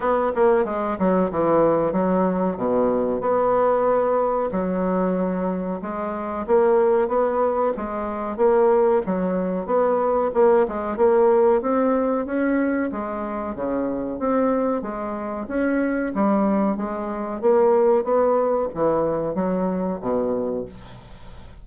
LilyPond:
\new Staff \with { instrumentName = "bassoon" } { \time 4/4 \tempo 4 = 93 b8 ais8 gis8 fis8 e4 fis4 | b,4 b2 fis4~ | fis4 gis4 ais4 b4 | gis4 ais4 fis4 b4 |
ais8 gis8 ais4 c'4 cis'4 | gis4 cis4 c'4 gis4 | cis'4 g4 gis4 ais4 | b4 e4 fis4 b,4 | }